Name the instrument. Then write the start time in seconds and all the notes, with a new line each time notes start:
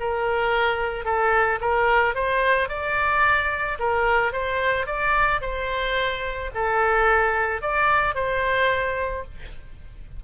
oboe
0.00 A#4
1.05 A4
1.61 A#4
2.15 C5
2.69 D5
3.79 A#4
4.32 C5
4.86 D5
5.41 C5
6.54 A4
7.62 D5
8.15 C5